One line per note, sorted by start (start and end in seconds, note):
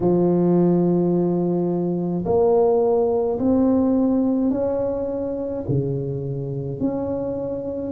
0.00 2.24 F3
2.25 3.38 A#3
3.39 4.50 C4
4.50 5.63 C#4
5.68 6.79 C#3
6.79 7.91 C#4